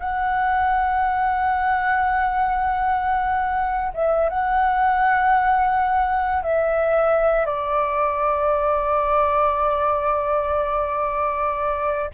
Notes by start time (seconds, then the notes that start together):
0.00 F#5
3.94 E5
4.29 F#5
6.43 E5
7.46 D5